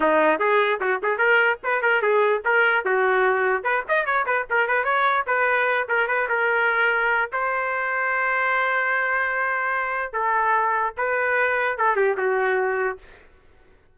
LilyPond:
\new Staff \with { instrumentName = "trumpet" } { \time 4/4 \tempo 4 = 148 dis'4 gis'4 fis'8 gis'8 ais'4 | b'8 ais'8 gis'4 ais'4 fis'4~ | fis'4 b'8 dis''8 cis''8 b'8 ais'8 b'8 | cis''4 b'4. ais'8 b'8 ais'8~ |
ais'2 c''2~ | c''1~ | c''4 a'2 b'4~ | b'4 a'8 g'8 fis'2 | }